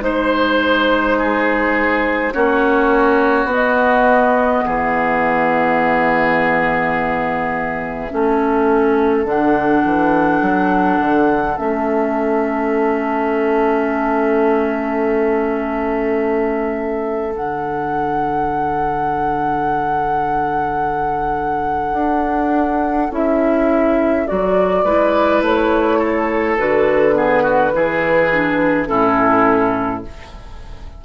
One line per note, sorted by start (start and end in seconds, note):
0.00 2.32 G#3
0.00 2.31 D#4
0.00 2.33 C5
0.00 1.18 C5
1.18 2.33 G#4
2.33 3.45 A#3
2.33 3.48 C#4
2.33 4.65 F#4
2.33 3.48 C#5
3.45 4.60 B3
3.45 8.09 B3
3.53 4.67 D#5
4.66 8.12 E3
4.66 8.12 G#4
4.66 9.28 E5
8.10 9.25 A3
8.10 9.25 C#4
8.10 24.84 A4
9.25 9.82 D3
9.25 11.56 D4
9.25 11.57 F#5
9.84 10.41 E3
10.41 10.99 F#3
11.00 11.57 D3
11.57 17.35 A3
11.57 17.32 C#4
11.57 17.34 E5
17.32 21.93 D3
17.32 23.09 D4
17.32 23.13 F#5
21.93 23.08 D4
23.10 24.26 C#4
23.10 24.27 E4
23.10 24.27 E5
24.27 24.84 F#3
24.27 24.84 F#4
24.27 25.43 D5
24.84 25.41 G#3
24.84 26.59 E4
24.84 25.99 B4
25.41 26.57 A3
25.41 26.59 C#5
25.99 27.14 A4
26.58 27.74 D3
26.58 27.12 F#4
26.58 28.87 B4
27.12 27.70 B3
27.12 27.43 G#4
27.43 27.72 F#4
27.73 28.89 E3
27.73 28.31 E4
27.73 28.88 G#4
28.32 28.86 D4
28.86 30.05 A2
28.86 30.02 C#4
28.86 30.04 E4
28.86 30.02 A4